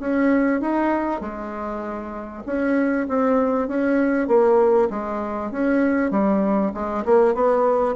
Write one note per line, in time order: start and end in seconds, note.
0.00 0.61 C#4
0.61 1.21 D#4
1.21 2.44 G#3
2.46 3.07 C#4
3.09 3.68 C4
3.68 4.28 C#4
4.28 4.89 A#3
4.90 5.51 G#3
5.52 6.11 C#4
6.11 6.72 G3
6.74 7.05 G#3
7.05 7.35 A#3
7.35 7.96 B3